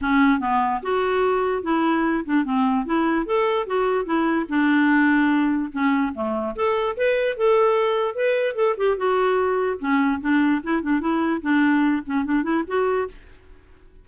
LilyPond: \new Staff \with { instrumentName = "clarinet" } { \time 4/4 \tempo 4 = 147 cis'4 b4 fis'2 | e'4. d'8 c'4 e'4 | a'4 fis'4 e'4 d'4~ | d'2 cis'4 a4 |
a'4 b'4 a'2 | b'4 a'8 g'8 fis'2 | cis'4 d'4 e'8 d'8 e'4 | d'4. cis'8 d'8 e'8 fis'4 | }